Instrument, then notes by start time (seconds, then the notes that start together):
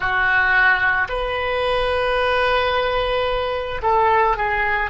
oboe
0.00 F#4
1.09 B4
3.82 A4
4.36 G#4